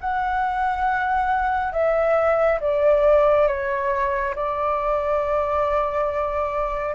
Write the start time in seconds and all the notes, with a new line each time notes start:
0.00 F#5
1.72 E5
2.60 D5
3.47 C#5
4.35 D5